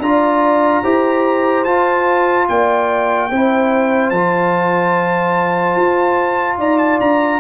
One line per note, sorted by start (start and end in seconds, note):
0.00 0.82 D4
0.00 0.84 F4
0.00 0.84 D5
0.00 1.65 A#5
0.84 1.66 E4
0.84 1.66 G4
0.84 2.48 C5
1.65 2.48 F4
1.65 3.31 F4
1.65 2.47 A5
2.49 3.31 A#3
2.49 3.30 D5
2.49 4.10 G5
3.30 4.11 C4
3.30 4.14 E4
3.30 6.59 C5
4.10 5.76 F3
4.10 7.41 F4
4.10 6.57 A5
5.77 6.59 F4
6.59 7.00 D#4
6.59 7.41 D5
6.59 6.79 A#5
6.79 6.99 A5
7.01 7.41 D4
7.01 7.41 A#5